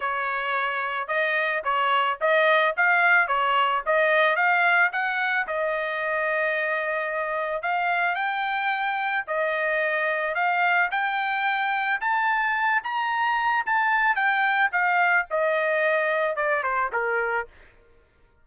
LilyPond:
\new Staff \with { instrumentName = "trumpet" } { \time 4/4 \tempo 4 = 110 cis''2 dis''4 cis''4 | dis''4 f''4 cis''4 dis''4 | f''4 fis''4 dis''2~ | dis''2 f''4 g''4~ |
g''4 dis''2 f''4 | g''2 a''4. ais''8~ | ais''4 a''4 g''4 f''4 | dis''2 d''8 c''8 ais'4 | }